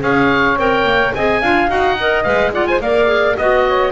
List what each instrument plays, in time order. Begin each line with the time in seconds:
0.00 double bass C#4, clarinet G#4, saxophone C#5, oboe F5
0.56 double bass C4, clarinet A#4, oboe G5
0.84 double bass A#3
1.14 double bass C4, clarinet G#4, saxophone D#5, oboe G#5
1.41 double bass D4, clarinet F4, saxophone F5
1.68 double bass D#4, clarinet F#4, oboe F#5
1.98 clarinet A#4, saxophone D#5
2.24 double bass G#3, clarinet B4, oboe F5
2.53 clarinet F4, saxophone D5, oboe F#5
2.67 saxophone C5, oboe G#5
2.81 double bass A#3, clarinet A#4, saxophone D5, oboe F5
3.06 clarinet G#4
3.37 double bass B3, clarinet F#4, saxophone D#5, oboe D#5
3.67 saxophone C#5